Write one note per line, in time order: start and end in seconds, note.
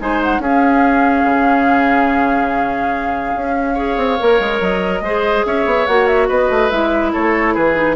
0.00 0.38 G#3
0.00 0.42 D#4
0.00 0.42 C5
0.00 0.21 G#5
0.23 0.42 F#5
0.38 1.22 C#4
0.38 3.76 C#4
0.38 3.74 G#4
0.38 4.61 F5
1.24 3.34 C#3
3.35 3.96 C#4
3.74 4.18 G#4
3.74 5.00 C#5
3.96 4.17 C4
4.19 4.39 A#3
4.19 5.03 A#4
4.39 4.60 G#3
4.61 5.01 F#3
4.61 5.45 D#5
5.01 5.43 G#3
5.01 5.88 G#4
5.01 5.46 C5
5.45 5.65 C#4
5.45 6.28 C#5
5.45 5.86 E5
5.65 5.86 B3
5.86 6.29 A#3
5.86 6.71 F#4
5.86 6.07 F#5
6.07 6.28 E5
6.28 6.50 B3
6.28 7.12 B4
6.28 6.70 D#5
6.50 6.71 A3
6.70 7.13 G#3
6.70 7.74 E4
6.70 7.12 E5
7.12 7.56 A3
7.12 7.54 A4
7.12 7.54 C#5
7.54 7.95 E3
7.54 7.95 G#4
7.54 7.95 B4
7.74 7.94 D#4